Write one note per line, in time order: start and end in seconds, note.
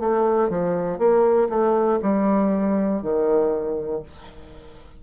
0.00 0.50 A3
0.50 0.98 F3
0.98 1.48 A#3
1.50 2.00 A3
2.02 3.02 G3
3.02 4.02 D#3